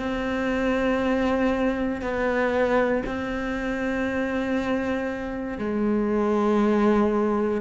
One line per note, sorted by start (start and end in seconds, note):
0.00 2.02 C4
2.02 3.04 B3
3.06 5.58 C4
5.58 7.61 G#3